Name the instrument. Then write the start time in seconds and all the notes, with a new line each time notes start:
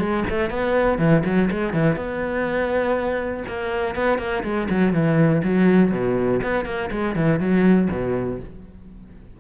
cello
0.00 G#3
0.30 A3
0.50 B3
0.99 E3
1.25 F#3
1.51 G#3
1.74 E3
1.96 B3
3.48 A#3
3.95 B3
4.19 A#3
4.44 G#3
4.70 F#3
4.93 E3
5.44 F#3
5.92 B2
6.43 B3
6.65 A#3
6.92 G#3
7.16 E3
7.40 F#3
7.91 B2